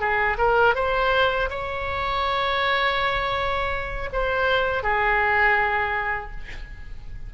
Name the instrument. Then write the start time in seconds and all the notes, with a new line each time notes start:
oboe
0.00 G#4
0.38 A#4
0.75 C5
1.50 C#5
4.12 C5
4.83 G#4